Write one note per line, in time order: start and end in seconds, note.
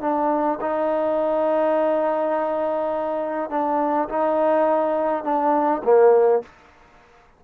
0.00 0.58 D4
0.60 3.50 D#4
3.50 4.08 D4
4.08 5.23 D#4
5.23 5.82 D4
5.84 6.42 A#3